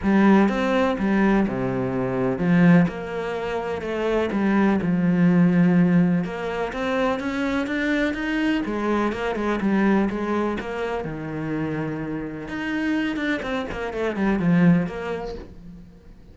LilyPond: \new Staff \with { instrumentName = "cello" } { \time 4/4 \tempo 4 = 125 g4 c'4 g4 c4~ | c4 f4 ais2 | a4 g4 f2~ | f4 ais4 c'4 cis'4 |
d'4 dis'4 gis4 ais8 gis8 | g4 gis4 ais4 dis4~ | dis2 dis'4. d'8 | c'8 ais8 a8 g8 f4 ais4 | }